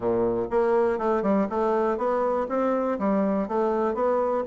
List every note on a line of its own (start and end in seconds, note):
0.00 0.47 A#2
0.50 0.98 A#3
0.98 1.22 A3
1.22 1.47 G3
1.49 1.97 A3
1.97 2.47 B3
2.48 2.98 C4
2.98 3.47 G3
3.47 3.94 A3
3.94 4.44 B3